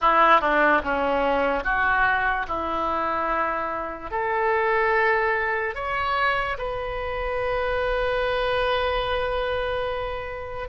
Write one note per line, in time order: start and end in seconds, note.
0.01 0.40 E4
0.40 0.81 D4
0.83 1.64 C#4
1.64 2.46 F#4
2.48 4.10 E4
4.10 5.75 A4
5.75 6.57 C#5
6.58 10.68 B4